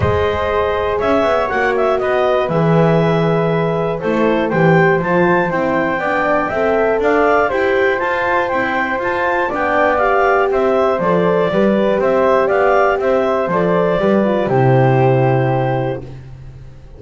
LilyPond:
<<
  \new Staff \with { instrumentName = "clarinet" } { \time 4/4 \tempo 4 = 120 dis''2 e''4 fis''8 e''8 | dis''4 e''2. | c''4 g''4 a''4 g''4~ | g''2 f''4 g''4 |
a''4 g''4 a''4 g''4 | f''4 e''4 d''2 | e''4 f''4 e''4 d''4~ | d''4 c''2. | }
  \new Staff \with { instrumentName = "flute" } { \time 4/4 c''2 cis''2 | b'1 | a'4 c''2. | d''4 e''4 d''4 c''4~ |
c''2. d''4~ | d''4 c''2 b'4 | c''4 d''4 c''2 | b'4 g'2. | }
  \new Staff \with { instrumentName = "horn" } { \time 4/4 gis'2. fis'4~ | fis'4 gis'2. | e'4 g'4 f'4 e'4 | d'4 a'2 g'4 |
f'4 c'4 f'4 d'4 | g'2 a'4 g'4~ | g'2. a'4 | g'8 f'8 e'2. | }
  \new Staff \with { instrumentName = "double bass" } { \time 4/4 gis2 cis'8 b8 ais4 | b4 e2. | a4 e4 f4 c'4 | b4 c'4 d'4 e'4 |
f'4 e'4 f'4 b4~ | b4 c'4 f4 g4 | c'4 b4 c'4 f4 | g4 c2. | }
>>